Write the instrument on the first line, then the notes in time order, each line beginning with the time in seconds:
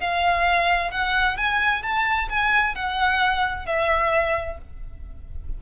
violin
0.00 F5
0.91 F#5
1.37 G#5
1.83 A5
2.29 G#5
2.75 F#5
3.66 E5